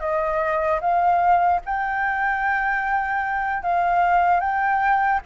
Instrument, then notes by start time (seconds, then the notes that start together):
flute
0.00 D#5
0.81 F5
1.65 G5
3.63 F5
4.41 G5